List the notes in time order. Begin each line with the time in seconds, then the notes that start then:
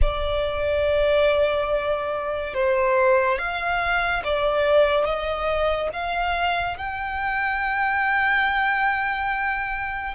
0.01 D5
2.54 C5
3.38 F5
4.23 D5
5.04 D#5
5.92 F5
6.77 G5